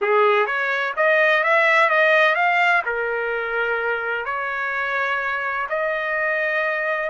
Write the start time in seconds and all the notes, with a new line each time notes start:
0.01 G#4
0.46 C#5
0.96 D#5
1.43 E5
1.89 D#5
2.35 F5
2.85 A#4
4.25 C#5
5.69 D#5